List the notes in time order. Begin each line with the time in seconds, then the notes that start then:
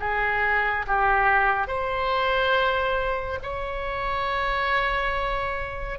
0.00 G#4
0.87 G4
1.68 C5
3.43 C#5